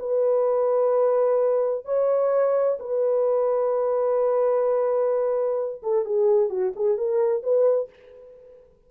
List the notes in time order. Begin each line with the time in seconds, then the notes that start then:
0.00 B4
1.85 C#5
2.80 B4
5.83 A4
6.06 G#4
6.50 F#4
6.76 G#4
6.98 A#4
7.44 B4